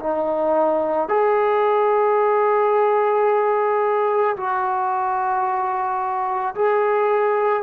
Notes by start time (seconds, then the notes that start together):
0.00 D#4
1.09 G#4
4.37 F#4
6.56 G#4